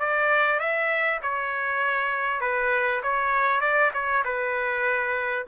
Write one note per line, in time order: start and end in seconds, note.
0.00 0.60 D5
0.60 1.20 E5
1.23 2.41 C#5
2.41 3.02 B4
3.03 3.61 C#5
3.61 3.91 D5
3.94 4.24 C#5
4.25 5.46 B4